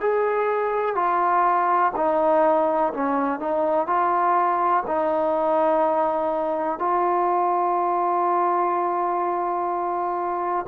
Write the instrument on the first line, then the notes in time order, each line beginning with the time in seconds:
trombone
0.00 G#4
0.95 F4
1.96 D#4
2.93 C#4
3.40 D#4
3.87 F4
4.87 D#4
6.79 F4